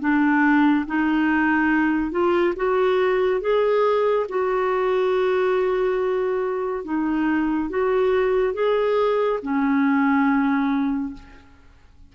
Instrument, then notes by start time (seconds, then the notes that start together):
clarinet
0.00 D4
0.86 D#4
2.11 F4
2.56 F#4
3.41 G#4
4.29 F#4
6.85 D#4
7.70 F#4
8.54 G#4
9.42 C#4